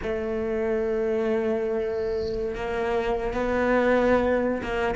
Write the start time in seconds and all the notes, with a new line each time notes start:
0.02 A3
2.55 A#3
3.33 B3
4.62 A#3